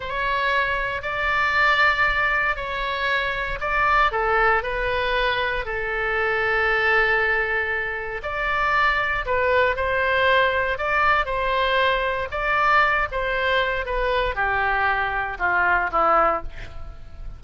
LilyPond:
\new Staff \with { instrumentName = "oboe" } { \time 4/4 \tempo 4 = 117 cis''2 d''2~ | d''4 cis''2 d''4 | a'4 b'2 a'4~ | a'1 |
d''2 b'4 c''4~ | c''4 d''4 c''2 | d''4. c''4. b'4 | g'2 f'4 e'4 | }